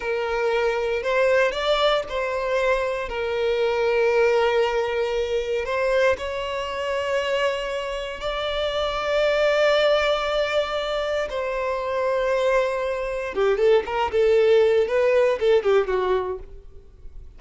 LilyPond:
\new Staff \with { instrumentName = "violin" } { \time 4/4 \tempo 4 = 117 ais'2 c''4 d''4 | c''2 ais'2~ | ais'2. c''4 | cis''1 |
d''1~ | d''2 c''2~ | c''2 g'8 a'8 ais'8 a'8~ | a'4 b'4 a'8 g'8 fis'4 | }